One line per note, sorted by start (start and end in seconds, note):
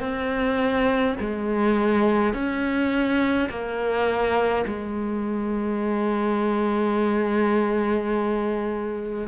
0.00 1.15 C4
1.20 2.33 G#3
2.33 3.49 C#4
3.49 4.65 A#3
4.66 9.27 G#3